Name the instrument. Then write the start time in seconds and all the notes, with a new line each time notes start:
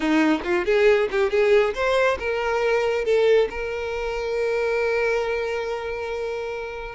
violin
0.00 D#4
0.43 F4
0.65 G#4
1.11 G4
1.30 G#4
1.74 C5
2.19 A#4
3.04 A4
3.49 A#4